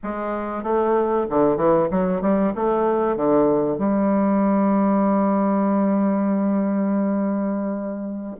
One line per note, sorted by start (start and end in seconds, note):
0.03 0.63 G#3
0.63 1.26 A3
1.29 1.56 D3
1.56 1.88 E3
1.91 2.21 F#3
2.21 2.53 G3
2.55 3.16 A3
3.16 3.78 D3
3.78 8.35 G3